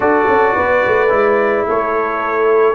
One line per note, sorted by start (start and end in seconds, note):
0.00 0.26 D4
0.00 1.09 F#4
0.00 0.55 A4
0.00 1.67 D5
0.28 0.55 C#4
0.55 0.85 B3
0.55 1.66 B4
0.87 1.11 A3
1.09 1.67 G#3
1.09 2.74 E4
1.66 2.74 A3
1.66 2.74 A4
1.66 2.74 C#5